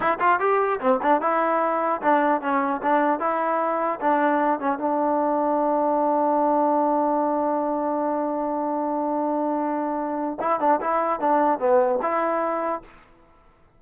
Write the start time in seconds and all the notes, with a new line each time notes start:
0.00 E4
0.19 F4
0.39 G4
0.80 C4
1.02 D4
1.21 E4
2.01 D4
2.41 C#4
2.82 D4
3.19 E4
4.00 D4
4.59 C#4
4.78 D4
10.39 E4
10.60 D4
10.80 E4
11.19 D4
11.59 B3
12.02 E4